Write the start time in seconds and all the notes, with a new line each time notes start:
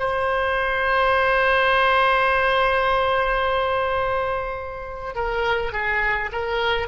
0.00 C5
5.16 A#4
5.73 G#4
6.33 A#4